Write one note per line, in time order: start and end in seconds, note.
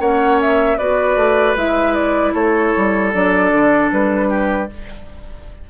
0.00 0.78 A#3
0.00 0.79 C#4
0.00 0.78 C#5
0.00 0.40 F#5
0.41 0.78 E5
0.78 1.16 B3
0.78 1.57 F#4
0.78 2.34 B4
0.78 1.56 D5
1.16 1.55 A3
1.56 2.34 G#3
1.56 3.13 E4
1.56 1.95 E5
1.95 2.34 D5
2.34 2.73 A3
2.34 4.29 A4
2.34 3.12 C#5
2.77 3.14 G3
3.13 3.52 F#3
3.13 4.69 D4
3.13 3.91 D5
3.52 3.91 D3
3.92 4.70 G3
3.92 4.70 B4
4.29 4.68 G4